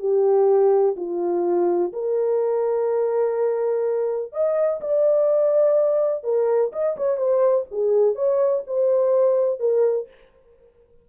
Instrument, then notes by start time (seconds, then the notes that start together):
horn
0.00 G4
0.97 F4
1.93 A#4
4.33 D#5
4.81 D5
6.24 A#4
6.73 D#5
6.97 C#5
7.18 C5
7.72 G#4
8.16 C#5
8.67 C5
9.60 A#4